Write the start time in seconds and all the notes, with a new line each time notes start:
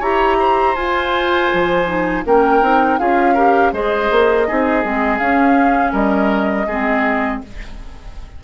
0.00 E4 G4 C#5 A#5
0.40 C5
0.76 F4 G#5
1.54 F3
1.86 D#4
2.26 A#3 C#4 A#4 G5
2.62 C4 D#4
2.99 C#4 F4 G#4 F5
3.35 G4 A#4
3.73 G#3 G#4 C5 D#5
4.11 A#3
4.48 C4 D#4 G#4
4.83 G#3 C4
5.19 C#4 F5
5.92 G3 A#4 D#5
6.67 G#3 C4 G#4